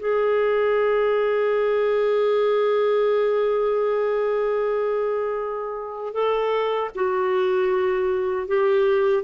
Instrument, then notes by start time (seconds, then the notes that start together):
clarinet
0.00 G#4
6.14 A4
6.95 F#4
8.48 G4